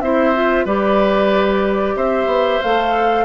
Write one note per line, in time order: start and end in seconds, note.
0.00 0.65 C4
0.00 0.34 E4
0.00 0.65 C5
0.00 0.65 E5
0.34 0.66 F4
0.65 1.95 G3
0.65 2.62 G4
0.65 1.95 B4
0.65 1.96 D5
1.95 2.26 C4
1.95 3.25 C5
1.95 2.61 E5
2.26 2.58 B3
2.61 3.25 A3
2.61 3.25 A4
2.61 3.25 F5